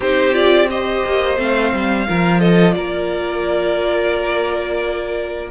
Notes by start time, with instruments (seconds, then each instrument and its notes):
0.00 cello C4, viola D#4, violin G4 C5
0.32 viola F4, violin D5
0.69 viola G4, violin C5 D#5
1.05 cello A#3
1.37 cello A3, viola C4, violin F5
1.72 cello G3
2.07 cello F3, viola F4, violin A#4
2.40 violin A4 D#5
2.72 cello A#3, violin A#4 D5